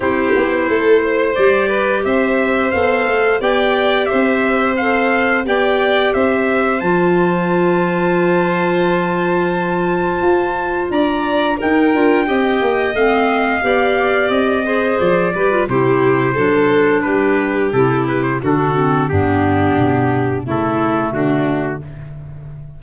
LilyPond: <<
  \new Staff \with { instrumentName = "trumpet" } { \time 4/4 \tempo 4 = 88 c''2 d''4 e''4 | f''4 g''4 e''4 f''4 | g''4 e''4 a''2~ | a''1 |
ais''4 g''2 f''4~ | f''4 dis''4 d''4 c''4~ | c''4 b'4 a'8 b'16 c''16 a'4 | g'2 a'4 fis'4 | }
  \new Staff \with { instrumentName = "violin" } { \time 4/4 g'4 a'8 c''4 b'8 c''4~ | c''4 d''4 c''2 | d''4 c''2.~ | c''1 |
d''4 ais'4 dis''2 | d''4. c''4 b'8 g'4 | a'4 g'2 fis'4 | d'2 e'4 d'4 | }
  \new Staff \with { instrumentName = "clarinet" } { \time 4/4 e'2 g'2 | a'4 g'2 a'4 | g'2 f'2~ | f'1~ |
f'4 dis'8 f'8 g'4 c'4 | g'4. gis'4 g'16 f'16 e'4 | d'2 e'4 d'8 c'8 | b2 a2 | }
  \new Staff \with { instrumentName = "tuba" } { \time 4/4 c'8 b8 a4 g4 c'4 | b8 a8 b4 c'2 | b4 c'4 f2~ | f2. f'4 |
d'4 dis'8 d'8 c'8 ais8 a4 | b4 c'4 f8 g8 c4 | fis4 g4 c4 d4 | g,4 b,4 cis4 d4 | }
>>